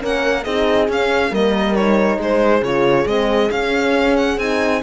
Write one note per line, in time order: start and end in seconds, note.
0.00 0.46 A#3
0.00 0.44 C#4
0.00 0.43 A#4
0.00 0.44 F#5
0.43 0.89 C4
0.43 0.90 D#4
0.43 1.30 G#4
0.43 0.88 D#5
0.89 1.31 C#4
0.89 1.30 C#4
0.89 1.34 F5
1.30 2.18 G3
1.30 1.74 A#3
1.30 2.18 A#4
1.30 1.75 D#5
1.75 2.62 D#4
1.75 2.19 C#5
2.18 2.62 G#3
2.18 4.83 G#4
2.18 2.64 C5
2.62 3.06 C#3
2.62 3.07 F4
2.62 3.07 C#5
3.06 3.50 G#3
3.06 3.51 C4
3.06 3.51 D#5
3.51 4.38 C#4
3.51 4.40 C#4
3.51 4.17 F5
4.17 4.39 F#5
4.38 4.82 C4
4.38 4.83 D#4
4.38 4.82 G#5